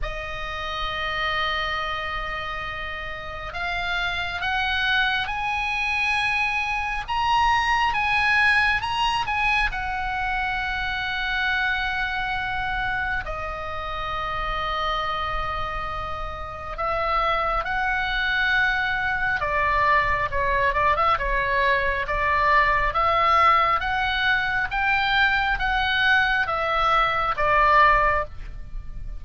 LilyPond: \new Staff \with { instrumentName = "oboe" } { \time 4/4 \tempo 4 = 68 dis''1 | f''4 fis''4 gis''2 | ais''4 gis''4 ais''8 gis''8 fis''4~ | fis''2. dis''4~ |
dis''2. e''4 | fis''2 d''4 cis''8 d''16 e''16 | cis''4 d''4 e''4 fis''4 | g''4 fis''4 e''4 d''4 | }